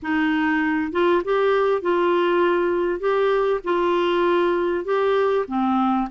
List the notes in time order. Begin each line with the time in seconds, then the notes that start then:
0.02 D#4
0.92 F4
1.24 G4
1.81 F4
2.99 G4
3.64 F4
4.85 G4
5.47 C4